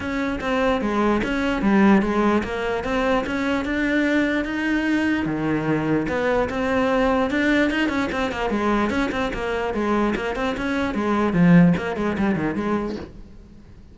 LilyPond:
\new Staff \with { instrumentName = "cello" } { \time 4/4 \tempo 4 = 148 cis'4 c'4 gis4 cis'4 | g4 gis4 ais4 c'4 | cis'4 d'2 dis'4~ | dis'4 dis2 b4 |
c'2 d'4 dis'8 cis'8 | c'8 ais8 gis4 cis'8 c'8 ais4 | gis4 ais8 c'8 cis'4 gis4 | f4 ais8 gis8 g8 dis8 gis4 | }